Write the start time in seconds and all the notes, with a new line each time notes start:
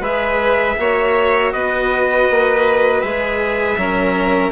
0.00 G#3 G#4 B4 E5
0.78 A#3 F#4 C#5
1.52 B3 B4 D#5
2.30 A#3
3.01 G#3 G#4 E5
3.77 F#3 C#4 A#4